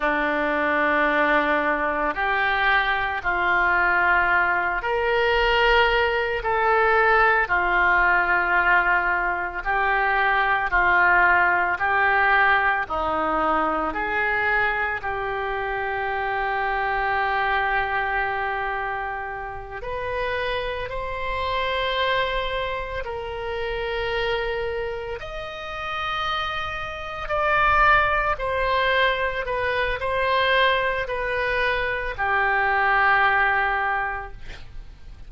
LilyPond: \new Staff \with { instrumentName = "oboe" } { \time 4/4 \tempo 4 = 56 d'2 g'4 f'4~ | f'8 ais'4. a'4 f'4~ | f'4 g'4 f'4 g'4 | dis'4 gis'4 g'2~ |
g'2~ g'8 b'4 c''8~ | c''4. ais'2 dis''8~ | dis''4. d''4 c''4 b'8 | c''4 b'4 g'2 | }